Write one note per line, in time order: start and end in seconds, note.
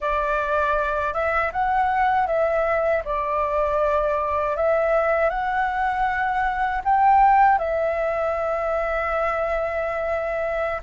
0.00 1.13 D5
1.13 1.51 E5
1.52 2.26 F#5
2.26 3.02 E5
3.04 4.56 D5
4.56 5.29 E5
5.29 6.81 F#5
6.84 7.58 G5
7.58 10.81 E5